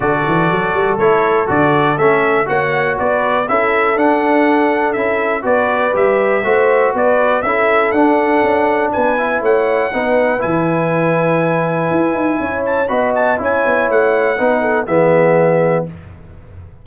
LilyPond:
<<
  \new Staff \with { instrumentName = "trumpet" } { \time 4/4 \tempo 4 = 121 d''2 cis''4 d''4 | e''4 fis''4 d''4 e''4 | fis''2 e''4 d''4 | e''2 d''4 e''4 |
fis''2 gis''4 fis''4~ | fis''4 gis''2.~ | gis''4. a''8 b''8 a''8 gis''4 | fis''2 e''2 | }
  \new Staff \with { instrumentName = "horn" } { \time 4/4 a'1~ | a'4 cis''4 b'4 a'4~ | a'2. b'4~ | b'4 c''4 b'4 a'4~ |
a'2 b'4 cis''4 | b'1~ | b'4 cis''4 dis''4 cis''4~ | cis''4 b'8 a'8 gis'2 | }
  \new Staff \with { instrumentName = "trombone" } { \time 4/4 fis'2 e'4 fis'4 | cis'4 fis'2 e'4 | d'2 e'4 fis'4 | g'4 fis'2 e'4 |
d'2~ d'8 e'4. | dis'4 e'2.~ | e'2 fis'4 e'4~ | e'4 dis'4 b2 | }
  \new Staff \with { instrumentName = "tuba" } { \time 4/4 d8 e8 fis8 g8 a4 d4 | a4 ais4 b4 cis'4 | d'2 cis'4 b4 | g4 a4 b4 cis'4 |
d'4 cis'4 b4 a4 | b4 e2. | e'8 dis'8 cis'4 b4 cis'8 b8 | a4 b4 e2 | }
>>